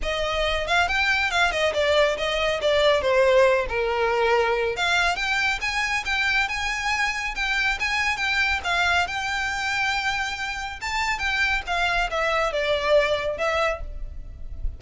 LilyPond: \new Staff \with { instrumentName = "violin" } { \time 4/4 \tempo 4 = 139 dis''4. f''8 g''4 f''8 dis''8 | d''4 dis''4 d''4 c''4~ | c''8 ais'2~ ais'8 f''4 | g''4 gis''4 g''4 gis''4~ |
gis''4 g''4 gis''4 g''4 | f''4 g''2.~ | g''4 a''4 g''4 f''4 | e''4 d''2 e''4 | }